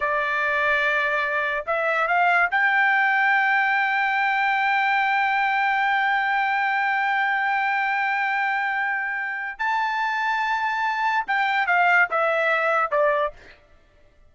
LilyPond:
\new Staff \with { instrumentName = "trumpet" } { \time 4/4 \tempo 4 = 144 d''1 | e''4 f''4 g''2~ | g''1~ | g''1~ |
g''1~ | g''2. a''4~ | a''2. g''4 | f''4 e''2 d''4 | }